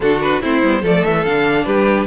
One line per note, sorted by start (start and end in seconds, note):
0.00 0.41 D3
0.00 0.42 D4
0.00 0.42 F#4
0.00 0.21 A4
0.21 0.42 B4
0.41 0.62 A3
0.41 0.62 C4
0.41 0.81 E4
0.41 0.85 C5
0.63 0.82 G3
0.63 0.83 B3
0.81 1.03 F3
0.81 1.25 A3
0.81 1.64 A4
0.81 1.04 D5
1.04 1.26 E3
1.04 1.24 E5
1.24 1.66 D3
1.24 2.07 D4
1.24 1.65 F5
1.65 2.07 G3
1.65 2.07 G4
1.65 2.06 B4